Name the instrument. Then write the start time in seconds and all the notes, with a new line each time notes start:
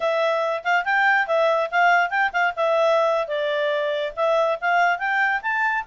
clarinet
0.00 E5
0.64 F5
0.84 G5
1.27 E5
1.71 F5
2.09 G5
2.32 F5
2.55 E5
3.27 D5
4.16 E5
4.61 F5
4.98 G5
5.42 A5